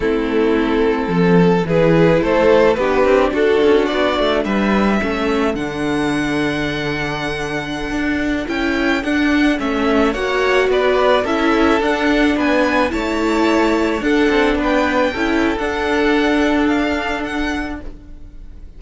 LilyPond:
<<
  \new Staff \with { instrumentName = "violin" } { \time 4/4 \tempo 4 = 108 a'2. b'4 | c''4 b'4 a'4 d''4 | e''2 fis''2~ | fis''2.~ fis''16 g''8.~ |
g''16 fis''4 e''4 fis''4 d''8.~ | d''16 e''4 fis''4 gis''4 a''8.~ | a''4~ a''16 fis''4 g''4.~ g''16 | fis''2 f''4 fis''4 | }
  \new Staff \with { instrumentName = "violin" } { \time 4/4 e'2 a'4 gis'4 | a'4 g'4 fis'2 | b'4 a'2.~ | a'1~ |
a'2~ a'16 cis''4 b'8.~ | b'16 a'2 b'4 cis''8.~ | cis''4~ cis''16 a'4 b'4 a'8.~ | a'1 | }
  \new Staff \with { instrumentName = "viola" } { \time 4/4 c'2. e'4~ | e'4 d'2.~ | d'4 cis'4 d'2~ | d'2.~ d'16 e'8.~ |
e'16 d'4 cis'4 fis'4.~ fis'16~ | fis'16 e'4 d'2 e'8.~ | e'4~ e'16 d'2 e'8. | d'1 | }
  \new Staff \with { instrumentName = "cello" } { \time 4/4 a2 f4 e4 | a4 b8 c'8 d'8 cis'8 b8 a8 | g4 a4 d2~ | d2~ d16 d'4 cis'8.~ |
cis'16 d'4 a4 ais4 b8.~ | b16 cis'4 d'4 b4 a8.~ | a4~ a16 d'8 c'8 b4 cis'8. | d'1 | }
>>